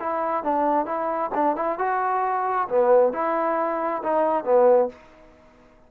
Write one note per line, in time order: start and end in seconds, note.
0.00 0.44 E4
0.44 0.85 D4
0.85 1.30 E4
1.34 1.56 D4
1.56 1.78 E4
1.78 2.68 F#4
2.69 3.13 B3
3.13 4.02 E4
4.03 4.44 D#4
4.44 4.89 B3